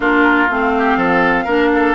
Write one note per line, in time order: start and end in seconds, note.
0.00 0.49 A#3
0.00 0.48 D4
0.00 0.72 F4
0.00 0.50 A#4
0.49 0.96 A3
0.49 1.47 C4
0.49 1.95 F5
0.77 0.97 G4
0.96 1.45 F3
0.96 1.44 A4
1.44 1.95 A#3
1.44 1.95 D4
1.44 1.69 A#4
1.74 1.95 A4